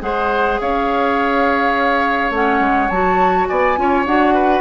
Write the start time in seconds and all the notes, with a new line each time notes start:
0.00 G#3 G#4 C5 F#5
0.60 C#4 C#5 F5
2.30 A3 C#4 F#5
2.59 G#3
2.88 F#3 F#4 A5
3.47 B3 D5 G#5
3.76 C#4 F4 C#5
4.05 D4 F#4 F#5
4.34 B4